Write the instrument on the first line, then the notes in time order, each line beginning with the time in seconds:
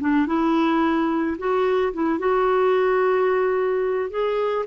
clarinet
0.00 D4
0.27 E4
1.38 F#4
1.93 E4
2.19 F#4
4.10 G#4